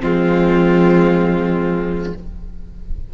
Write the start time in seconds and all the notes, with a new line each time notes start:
0.00 F3 G#3 C4 F4